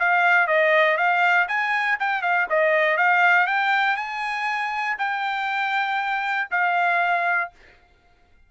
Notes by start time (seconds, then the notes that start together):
0.00 F5
0.48 D#5
0.98 F5
1.48 G#5
2.00 G5
2.23 F5
2.50 D#5
2.98 F5
3.47 G5
3.97 G#5
4.99 G5
6.51 F5